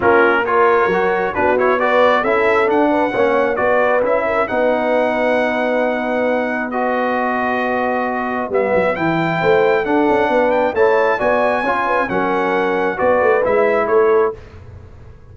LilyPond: <<
  \new Staff \with { instrumentName = "trumpet" } { \time 4/4 \tempo 4 = 134 ais'4 cis''2 b'8 cis''8 | d''4 e''4 fis''2 | d''4 e''4 fis''2~ | fis''2. dis''4~ |
dis''2. e''4 | g''2 fis''4. g''8 | a''4 gis''2 fis''4~ | fis''4 d''4 e''4 cis''4 | }
  \new Staff \with { instrumentName = "horn" } { \time 4/4 f'4 ais'2 fis'4 | b'4 a'4. b'8 cis''4 | b'4. ais'8 b'2~ | b'1~ |
b'1~ | b'4 c''4 a'4 b'4 | cis''4 d''4 cis''8 b'8 ais'4~ | ais'4 b'2 a'4 | }
  \new Staff \with { instrumentName = "trombone" } { \time 4/4 cis'4 f'4 fis'4 d'8 e'8 | fis'4 e'4 d'4 cis'4 | fis'4 e'4 dis'2~ | dis'2. fis'4~ |
fis'2. b4 | e'2 d'2 | e'4 fis'4 f'4 cis'4~ | cis'4 fis'4 e'2 | }
  \new Staff \with { instrumentName = "tuba" } { \time 4/4 ais2 fis4 b4~ | b4 cis'4 d'4 ais4 | b4 cis'4 b2~ | b1~ |
b2. g8 fis8 | e4 a4 d'8 cis'8 b4 | a4 b4 cis'4 fis4~ | fis4 b8 a8 gis4 a4 | }
>>